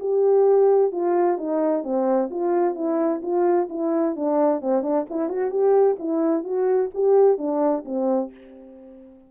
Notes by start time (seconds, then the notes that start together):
0.00 G4
0.92 F4
1.38 D#4
1.83 C4
2.31 F4
2.75 E4
3.22 F4
3.69 E4
4.16 D4
4.61 C4
4.83 D4
5.10 E4
5.29 F#4
5.51 G4
5.99 E4
6.44 F#4
6.94 G4
7.38 D4
7.85 C4